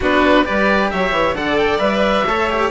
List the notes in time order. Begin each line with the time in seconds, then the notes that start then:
0.00 B3 D4 F#4 B4
0.44 G3 G4 B4 D5
0.90 F#3 C#5 E5
1.11 E3
1.34 D3 A4 D5 F#5
1.56 G5
1.78 G3 B4 E5
2.25 A3 A4 C#5
2.50 G4